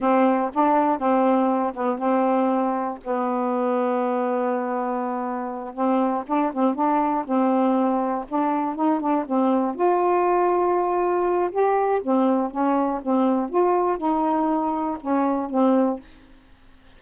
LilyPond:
\new Staff \with { instrumentName = "saxophone" } { \time 4/4 \tempo 4 = 120 c'4 d'4 c'4. b8 | c'2 b2~ | b2.~ b8 c'8~ | c'8 d'8 c'8 d'4 c'4.~ |
c'8 d'4 dis'8 d'8 c'4 f'8~ | f'2. g'4 | c'4 cis'4 c'4 f'4 | dis'2 cis'4 c'4 | }